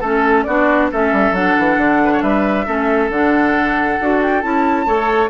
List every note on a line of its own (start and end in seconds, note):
0.00 0.46 A3
0.00 0.48 C#4
0.00 0.44 A4
0.00 0.43 A4
0.43 0.91 B3
0.43 0.92 D4
0.43 0.90 F#4
0.43 0.87 D5
0.91 1.12 A3
0.91 1.35 C#4
0.91 2.01 A4
0.91 1.34 E5
1.12 1.31 G3
1.31 1.53 F#3
1.31 2.66 D4
1.31 2.22 F#5
1.58 1.77 E3
1.77 2.21 D3
2.04 2.12 B4
2.12 2.23 C#5
2.22 2.66 G3
2.22 2.65 B4
2.22 3.10 E5
2.65 3.09 A3
2.65 3.10 C#4
2.65 4.86 A4
3.09 3.98 D3
3.09 4.01 D4
3.09 4.21 F#5
4.00 4.43 D4
4.00 4.42 F#4
4.22 4.41 G5
4.41 4.86 C#4
4.41 4.86 E4
4.41 5.30 A5
4.86 5.30 A3
4.86 5.30 A4
4.86 5.30 C#5